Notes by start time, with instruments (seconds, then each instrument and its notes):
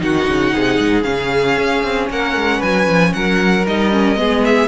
0.00 cello D#3, viola D#4, violin F#4 F#5
0.28 cello C#3
0.54 cello C3, violin G#4
0.79 cello G#2
1.03 cello C#3, viola C#4, violin F5
1.58 cello C#4
1.84 cello C4
2.10 cello A#3, violin A#4 F#5
2.36 cello G#3
2.59 cello F#3, violin B4 G#5
2.87 cello F3
3.13 cello F#3, violin A#4 F#5
3.66 cello G3, viola D#4, violin D#5
3.92 viola C#4
4.16 cello G#3, viola B3, violin G#4
4.45 violin E5